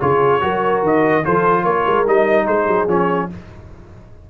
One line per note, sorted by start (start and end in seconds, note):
0.00 0.42 C#3
0.00 0.41 F4
0.00 0.42 G#4
0.00 0.82 C#5
0.41 0.82 F#3
0.41 1.23 F#4
0.41 1.25 A#4
0.82 1.23 D#3
0.82 1.25 D#5
1.24 1.65 F3
1.24 2.06 F4
1.24 1.63 A4
1.24 1.64 C5
1.63 1.85 A#3
1.63 2.45 A#4
1.63 2.05 C#5
1.86 2.07 G#3
2.06 2.47 G3
2.06 2.88 D#4
2.06 2.47 D#5
2.46 2.66 G#3
2.46 3.28 G#4
2.46 2.88 C5
2.66 2.87 F#3
2.88 3.29 F3
2.88 3.29 C#4
2.88 3.30 C#5